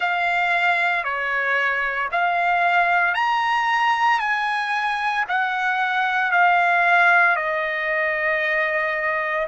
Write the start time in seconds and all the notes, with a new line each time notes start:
0.00 F5
1.03 C#5
2.11 F5
3.14 A#5
4.19 G#5
5.28 F#5
6.32 F5
7.36 D#5